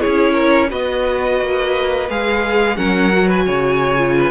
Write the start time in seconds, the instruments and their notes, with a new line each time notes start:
0.00 viola E4, violin G#4 C#5
0.06 cello C#4
0.34 violin A#4
0.70 cello B3, viola F#4, violin B4 D#5
1.41 cello A#3
2.10 cello G#3, viola G#4, violin F5
2.77 cello F#3, viola C#4, violin A#4 F#5
3.13 viola F#4
3.28 violin B4 G#5
3.46 cello C#3, violin C#5
3.98 viola F4
4.18 violin B4